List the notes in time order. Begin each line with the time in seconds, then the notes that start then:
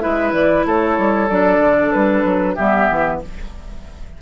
0.00 G#3 E4 B4 E5
0.32 E3 D5
0.66 A3 A4 C#5
0.98 G3
1.29 F#3 D4 D5
1.59 D3
1.92 G3 B4
2.24 F#3
2.55 G3 B3 G4 E5
2.90 E3